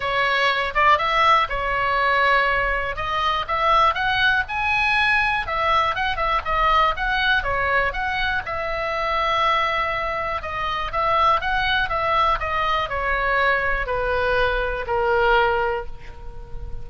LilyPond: \new Staff \with { instrumentName = "oboe" } { \time 4/4 \tempo 4 = 121 cis''4. d''8 e''4 cis''4~ | cis''2 dis''4 e''4 | fis''4 gis''2 e''4 | fis''8 e''8 dis''4 fis''4 cis''4 |
fis''4 e''2.~ | e''4 dis''4 e''4 fis''4 | e''4 dis''4 cis''2 | b'2 ais'2 | }